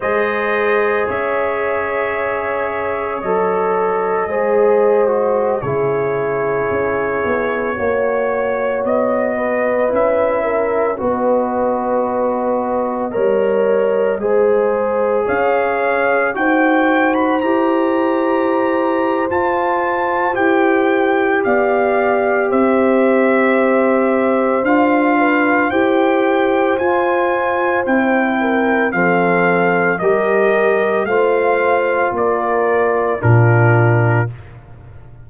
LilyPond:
<<
  \new Staff \with { instrumentName = "trumpet" } { \time 4/4 \tempo 4 = 56 dis''4 e''2 dis''4~ | dis''4~ dis''16 cis''2~ cis''8.~ | cis''16 dis''4 e''4 dis''4.~ dis''16~ | dis''2~ dis''16 f''4 g''8. |
b''16 ais''4.~ ais''16 a''4 g''4 | f''4 e''2 f''4 | g''4 gis''4 g''4 f''4 | dis''4 f''4 d''4 ais'4 | }
  \new Staff \with { instrumentName = "horn" } { \time 4/4 c''4 cis''2. | c''4~ c''16 gis'2 cis''8.~ | cis''8. b'4 ais'8 b'4.~ b'16~ | b'16 cis''4 c''4 cis''4 c''8.~ |
c''1 | d''4 c''2~ c''8 b'8 | c''2~ c''8 ais'8 a'4 | ais'4 c''4 ais'4 f'4 | }
  \new Staff \with { instrumentName = "trombone" } { \time 4/4 gis'2. a'4 | gis'8. fis'8 e'2 fis'8.~ | fis'4~ fis'16 e'4 fis'4.~ fis'16~ | fis'16 ais'4 gis'2 fis'8.~ |
fis'16 g'4.~ g'16 f'4 g'4~ | g'2. f'4 | g'4 f'4 e'4 c'4 | g'4 f'2 d'4 | }
  \new Staff \with { instrumentName = "tuba" } { \time 4/4 gis4 cis'2 fis4 | gis4~ gis16 cis4 cis'8 b8 ais8.~ | ais16 b4 cis'4 b4.~ b16~ | b16 g4 gis4 cis'4 dis'8.~ |
dis'16 e'4.~ e'16 f'4 e'4 | b4 c'2 d'4 | e'4 f'4 c'4 f4 | g4 a4 ais4 ais,4 | }
>>